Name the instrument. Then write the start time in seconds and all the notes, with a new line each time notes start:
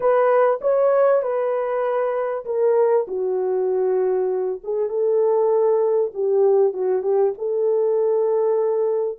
horn
0.00 B4
0.61 C#5
1.22 B4
2.45 A#4
3.07 F#4
4.63 G#4
4.89 A4
6.14 G4
6.73 F#4
7.02 G4
7.38 A4